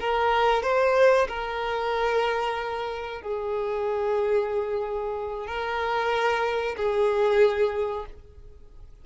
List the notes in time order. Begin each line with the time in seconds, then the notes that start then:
0.00 A#4
0.63 C5
1.28 A#4
3.22 G#4
5.47 A#4
6.77 G#4